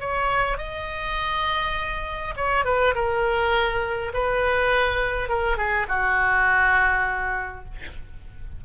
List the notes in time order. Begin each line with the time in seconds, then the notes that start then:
0.00 C#5
0.58 D#5
2.36 C#5
2.65 B4
2.95 A#4
4.13 B4
5.29 A#4
5.57 G#4
5.89 F#4